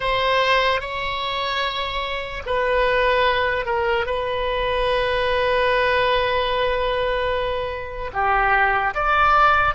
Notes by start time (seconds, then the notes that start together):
0.00 C5
0.80 C#5
2.45 B4
3.65 A#4
4.05 B4
8.13 G4
8.94 D5